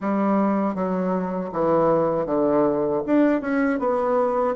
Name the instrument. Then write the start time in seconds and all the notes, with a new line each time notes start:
bassoon
0.00 G3
0.74 F#3
1.52 E3
2.26 D3
3.06 D4
3.41 C#4
3.79 B3